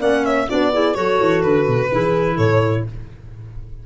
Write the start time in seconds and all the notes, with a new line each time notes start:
0.00 A#3 C#4 D5 F#5
0.24 C#5 E5
0.48 B3 D4 F#4 D5
0.73 E4 G#4
0.94 F#3 F#4 A4 C#5
1.20 E3
1.43 D3 B4
1.67 B2
1.92 E3 E4 G#4
2.37 A2 A4 C#5